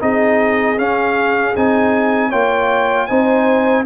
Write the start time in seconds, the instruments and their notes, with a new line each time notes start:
0.00 tuba C4, trombone D#4, horn G#4, trumpet D#5
0.78 trombone C#4, tuba C#4, trumpet F5
1.56 tuba C4, trombone D#4, trumpet G#5
2.29 tuba A#3, trombone F4, horn C#5, trumpet G5
3.07 tuba C4, trombone D#4, horn C5, trumpet G#5